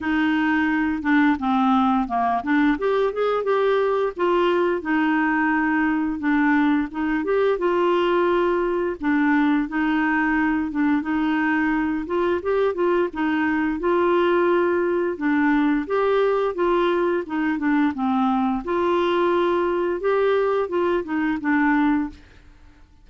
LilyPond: \new Staff \with { instrumentName = "clarinet" } { \time 4/4 \tempo 4 = 87 dis'4. d'8 c'4 ais8 d'8 | g'8 gis'8 g'4 f'4 dis'4~ | dis'4 d'4 dis'8 g'8 f'4~ | f'4 d'4 dis'4. d'8 |
dis'4. f'8 g'8 f'8 dis'4 | f'2 d'4 g'4 | f'4 dis'8 d'8 c'4 f'4~ | f'4 g'4 f'8 dis'8 d'4 | }